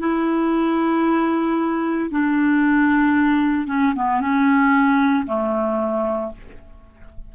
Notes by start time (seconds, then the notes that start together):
0.00 E4
2.11 D4
3.67 C#4
3.96 B3
4.21 C#4
5.27 A3